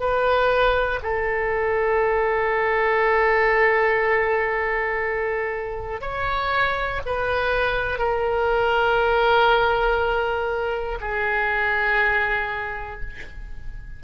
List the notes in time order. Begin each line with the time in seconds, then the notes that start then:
0.00 B4
1.03 A4
6.02 C#5
7.06 B4
7.99 A#4
11.01 G#4